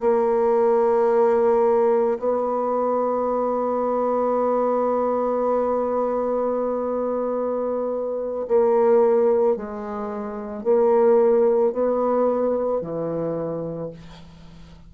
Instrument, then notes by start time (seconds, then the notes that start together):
bassoon
0.00 A#3
2.19 B3
8.48 A#3
9.57 G#3
10.64 A#3
11.72 B3
12.81 E3